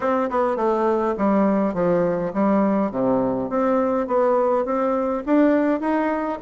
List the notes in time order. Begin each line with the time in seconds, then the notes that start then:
0.00 C4
0.30 B3
0.56 A3
1.17 G3
1.74 F3
2.33 G3
2.91 C3
3.49 C4
4.07 B3
4.65 C4
5.26 D4
5.80 D#4